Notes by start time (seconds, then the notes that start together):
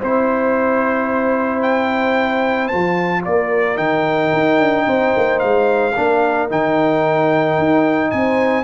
0.00 C4 E4 C5
1.62 G5
2.67 F3 F4 A5
3.25 A#3 A#4 D5
3.76 D#3 D#4 G5
4.33 D#4
4.59 D4
4.86 C4 C5
5.16 A#3
5.39 G#3 F5
5.94 A#3 D4 A#4
6.49 D#3 D#4 G5
7.58 D#4
8.11 C4 C5 G#5